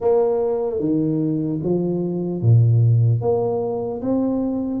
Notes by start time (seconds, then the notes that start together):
0.00 A#3
0.79 D#3
1.63 F3
2.41 A#2
3.21 A#3
4.01 C4